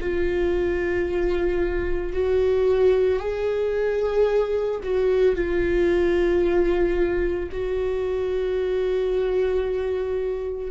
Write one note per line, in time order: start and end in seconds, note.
0.00 2.12 F4
2.12 3.19 F#4
3.19 4.80 G#4
4.83 5.35 F#4
5.35 7.50 F4
7.51 10.71 F#4